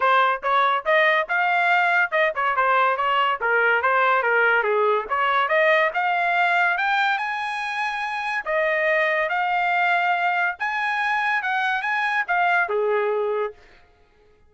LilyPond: \new Staff \with { instrumentName = "trumpet" } { \time 4/4 \tempo 4 = 142 c''4 cis''4 dis''4 f''4~ | f''4 dis''8 cis''8 c''4 cis''4 | ais'4 c''4 ais'4 gis'4 | cis''4 dis''4 f''2 |
g''4 gis''2. | dis''2 f''2~ | f''4 gis''2 fis''4 | gis''4 f''4 gis'2 | }